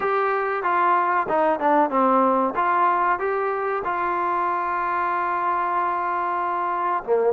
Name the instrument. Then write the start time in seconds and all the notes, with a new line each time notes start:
trombone
0.00 G4
0.63 F4
1.28 D#4
1.59 D4
1.90 C4
2.55 F4
3.19 G4
3.84 F4
7.04 A#3